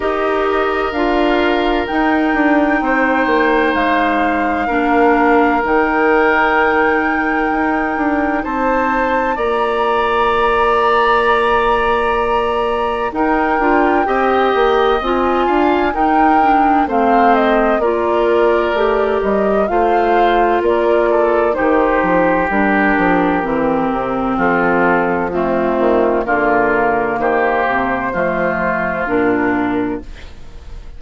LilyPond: <<
  \new Staff \with { instrumentName = "flute" } { \time 4/4 \tempo 4 = 64 dis''4 f''4 g''2 | f''2 g''2~ | g''4 a''4 ais''2~ | ais''2 g''2 |
gis''4 g''4 f''8 dis''8 d''4~ | d''8 dis''8 f''4 d''4 c''4 | ais'2 a'4 f'4 | ais'4 c''2 ais'4 | }
  \new Staff \with { instrumentName = "oboe" } { \time 4/4 ais'2. c''4~ | c''4 ais'2.~ | ais'4 c''4 d''2~ | d''2 ais'4 dis''4~ |
dis''8 f''8 ais'4 c''4 ais'4~ | ais'4 c''4 ais'8 a'8 g'4~ | g'2 f'4 c'4 | f'4 g'4 f'2 | }
  \new Staff \with { instrumentName = "clarinet" } { \time 4/4 g'4 f'4 dis'2~ | dis'4 d'4 dis'2~ | dis'2 f'2~ | f'2 dis'8 f'8 g'4 |
f'4 dis'8 d'8 c'4 f'4 | g'4 f'2 dis'4 | d'4 c'2 a4 | ais2 a4 d'4 | }
  \new Staff \with { instrumentName = "bassoon" } { \time 4/4 dis'4 d'4 dis'8 d'8 c'8 ais8 | gis4 ais4 dis2 | dis'8 d'8 c'4 ais2~ | ais2 dis'8 d'8 c'8 ais8 |
c'8 d'8 dis'4 a4 ais4 | a8 g8 a4 ais4 dis8 f8 | g8 f8 e8 c8 f4. dis8 | d4 dis8 c8 f4 ais,4 | }
>>